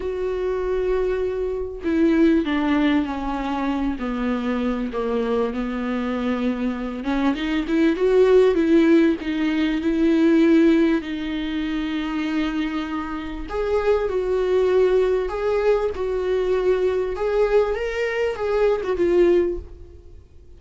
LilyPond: \new Staff \with { instrumentName = "viola" } { \time 4/4 \tempo 4 = 98 fis'2. e'4 | d'4 cis'4. b4. | ais4 b2~ b8 cis'8 | dis'8 e'8 fis'4 e'4 dis'4 |
e'2 dis'2~ | dis'2 gis'4 fis'4~ | fis'4 gis'4 fis'2 | gis'4 ais'4 gis'8. fis'16 f'4 | }